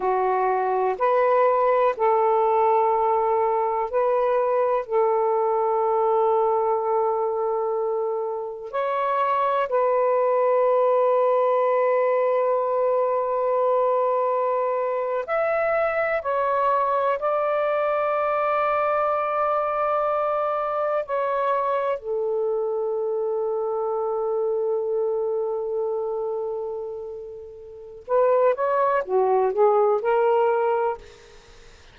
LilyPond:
\new Staff \with { instrumentName = "saxophone" } { \time 4/4 \tempo 4 = 62 fis'4 b'4 a'2 | b'4 a'2.~ | a'4 cis''4 b'2~ | b'2.~ b'8. e''16~ |
e''8. cis''4 d''2~ d''16~ | d''4.~ d''16 cis''4 a'4~ a'16~ | a'1~ | a'4 b'8 cis''8 fis'8 gis'8 ais'4 | }